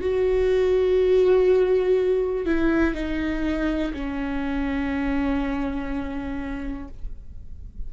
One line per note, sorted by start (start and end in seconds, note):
0.00 2.45 F#4
2.45 2.94 E4
2.94 3.92 D#4
3.93 6.88 C#4